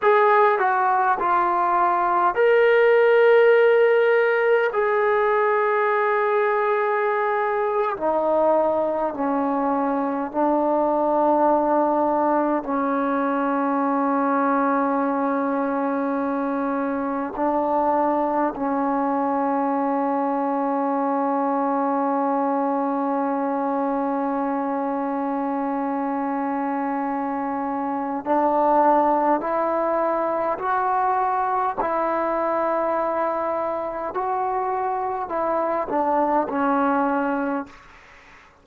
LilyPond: \new Staff \with { instrumentName = "trombone" } { \time 4/4 \tempo 4 = 51 gis'8 fis'8 f'4 ais'2 | gis'2~ gis'8. dis'4 cis'16~ | cis'8. d'2 cis'4~ cis'16~ | cis'2~ cis'8. d'4 cis'16~ |
cis'1~ | cis'1 | d'4 e'4 fis'4 e'4~ | e'4 fis'4 e'8 d'8 cis'4 | }